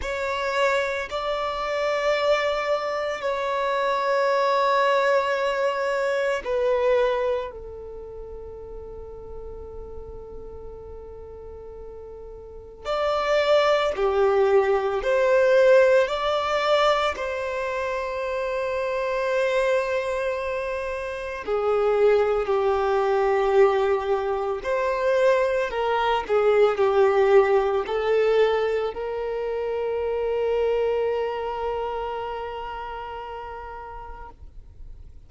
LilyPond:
\new Staff \with { instrumentName = "violin" } { \time 4/4 \tempo 4 = 56 cis''4 d''2 cis''4~ | cis''2 b'4 a'4~ | a'1 | d''4 g'4 c''4 d''4 |
c''1 | gis'4 g'2 c''4 | ais'8 gis'8 g'4 a'4 ais'4~ | ais'1 | }